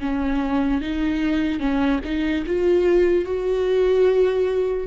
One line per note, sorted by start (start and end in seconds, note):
0.00 0.81 C#4
0.81 1.60 D#4
1.60 2.00 C#4
2.04 2.45 D#4
2.47 3.25 F4
3.25 4.87 F#4